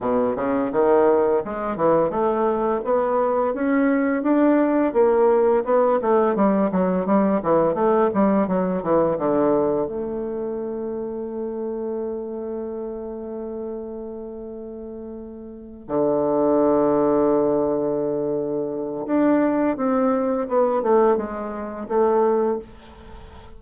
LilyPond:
\new Staff \with { instrumentName = "bassoon" } { \time 4/4 \tempo 4 = 85 b,8 cis8 dis4 gis8 e8 a4 | b4 cis'4 d'4 ais4 | b8 a8 g8 fis8 g8 e8 a8 g8 | fis8 e8 d4 a2~ |
a1~ | a2~ a8 d4.~ | d2. d'4 | c'4 b8 a8 gis4 a4 | }